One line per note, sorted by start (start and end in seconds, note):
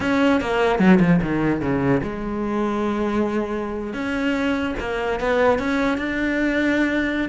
0.00 0.40 C#4
0.41 0.79 A#3
0.79 0.99 F#3
1.00 1.20 F3
1.22 1.61 D#3
1.61 2.01 C#3
2.02 3.93 G#3
3.93 4.74 C#4
4.79 5.20 A#3
5.20 5.59 B3
5.59 5.97 C#4
5.97 7.29 D4